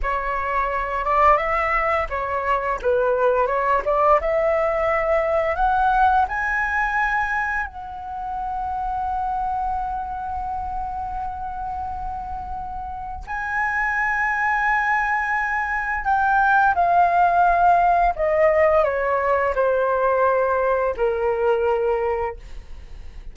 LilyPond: \new Staff \with { instrumentName = "flute" } { \time 4/4 \tempo 4 = 86 cis''4. d''8 e''4 cis''4 | b'4 cis''8 d''8 e''2 | fis''4 gis''2 fis''4~ | fis''1~ |
fis''2. gis''4~ | gis''2. g''4 | f''2 dis''4 cis''4 | c''2 ais'2 | }